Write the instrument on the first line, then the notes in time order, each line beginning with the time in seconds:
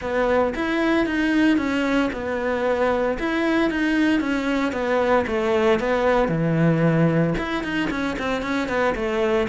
cello
0.01 B3
0.55 E4
1.06 D#4
1.57 C#4
2.12 B3
3.19 E4
3.70 D#4
4.20 C#4
4.72 B3
5.26 A3
5.79 B3
6.28 E3
7.38 E4
7.63 D#4
7.90 C#4
8.18 C4
8.42 C#4
8.68 B3
8.95 A3